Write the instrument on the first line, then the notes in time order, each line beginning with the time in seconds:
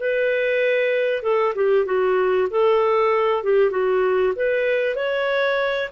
clarinet
0.00 B4
1.23 A4
1.55 G4
1.86 F#4
2.50 A4
3.43 G4
3.71 F#4
4.36 B4
4.96 C#5